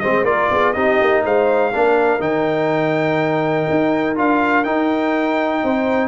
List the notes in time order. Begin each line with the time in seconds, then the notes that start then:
0.00 G#3 C4 C5 D#5
0.23 A#3 F4 A#4 D5
0.51 B3 G#4
0.73 C4 D#4 G4 D#5
1.02 A#3
1.24 G#3 C5 F5
1.73 A#3 D4 A#4
2.20 D#3 D#4 G5
3.70 D#4
4.16 D4 F4 F5
4.64 D#4 G5
5.64 C4 C5